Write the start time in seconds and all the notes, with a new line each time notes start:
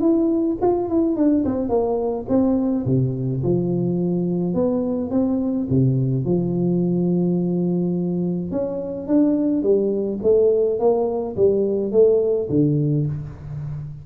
0.00 E4
0.61 F4
0.89 E4
1.16 D4
1.45 C4
1.69 A#3
2.28 C4
2.86 C3
3.43 F3
4.54 B3
5.10 C4
5.70 C3
6.25 F3
8.51 C#4
9.07 D4
9.62 G3
10.22 A3
10.79 A#3
11.36 G3
11.92 A3
12.49 D3